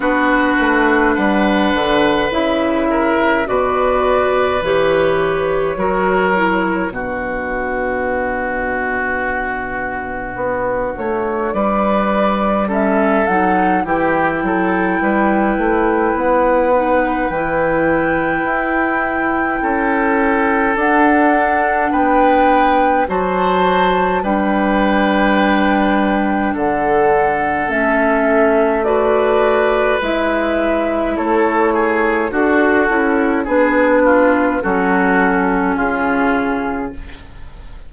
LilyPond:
<<
  \new Staff \with { instrumentName = "flute" } { \time 4/4 \tempo 4 = 52 b'4 fis''4 e''4 d''4 | cis''2 b'2~ | b'4. cis''8 d''4 e''8 fis''8 | g''2 fis''4 g''4~ |
g''2 fis''4 g''4 | a''4 g''2 fis''4 | e''4 d''4 e''4 cis''4 | a'4 b'4 a'4 gis'4 | }
  \new Staff \with { instrumentName = "oboe" } { \time 4/4 fis'4 b'4. ais'8 b'4~ | b'4 ais'4 fis'2~ | fis'2 b'4 a'4 | g'8 a'8 b'2.~ |
b'4 a'2 b'4 | c''4 b'2 a'4~ | a'4 b'2 a'8 gis'8 | fis'4 gis'8 f'8 fis'4 f'4 | }
  \new Staff \with { instrumentName = "clarinet" } { \time 4/4 d'2 e'4 fis'4 | g'4 fis'8 e'8 d'2~ | d'2. cis'8 dis'8 | e'2~ e'8 dis'8 e'4~ |
e'2 d'2 | fis'4 d'2. | cis'4 fis'4 e'2 | fis'8 e'8 d'4 cis'2 | }
  \new Staff \with { instrumentName = "bassoon" } { \time 4/4 b8 a8 g8 d8 cis4 b,4 | e4 fis4 b,2~ | b,4 b8 a8 g4. fis8 | e8 fis8 g8 a8 b4 e4 |
e'4 cis'4 d'4 b4 | fis4 g2 d4 | a2 gis4 a4 | d'8 cis'8 b4 fis4 cis4 | }
>>